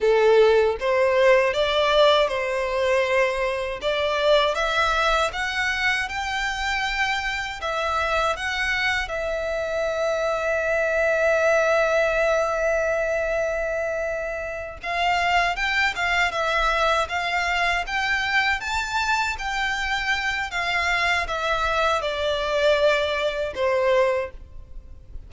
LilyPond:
\new Staff \with { instrumentName = "violin" } { \time 4/4 \tempo 4 = 79 a'4 c''4 d''4 c''4~ | c''4 d''4 e''4 fis''4 | g''2 e''4 fis''4 | e''1~ |
e''2.~ e''8 f''8~ | f''8 g''8 f''8 e''4 f''4 g''8~ | g''8 a''4 g''4. f''4 | e''4 d''2 c''4 | }